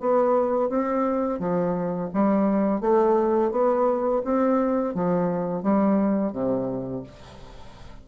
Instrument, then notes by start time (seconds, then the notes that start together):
bassoon
0.00 B3
0.69 C4
1.39 F3
2.14 G3
2.81 A3
3.51 B3
4.24 C4
4.94 F3
5.63 G3
6.32 C3